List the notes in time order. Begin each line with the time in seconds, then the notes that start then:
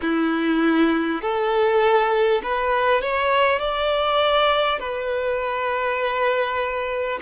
0.01 E4
1.21 A4
2.42 B4
3.01 C#5
3.59 D5
4.79 B4